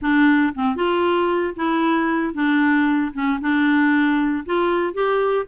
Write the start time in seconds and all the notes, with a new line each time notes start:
0.01 D4
0.55 C4
0.76 F4
1.56 E4
2.34 D4
3.13 C#4
3.40 D4
4.45 F4
4.93 G4